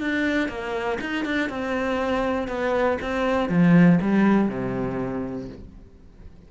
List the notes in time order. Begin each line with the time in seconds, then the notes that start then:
0.00 D4
0.48 A#3
1.00 D#4
1.25 D4
1.49 C4
2.48 B3
3.01 C4
3.49 F3
4.01 G3
4.48 C3